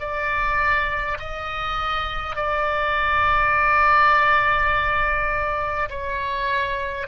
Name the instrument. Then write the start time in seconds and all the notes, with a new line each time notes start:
oboe
0.00 D5
1.19 D#5
2.36 D5
5.90 C#5